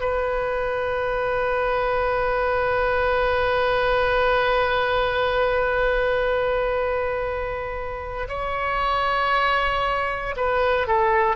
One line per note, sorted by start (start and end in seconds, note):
0.00 8.28 B4
8.29 10.35 C#5
10.37 10.88 B4
10.88 11.36 A4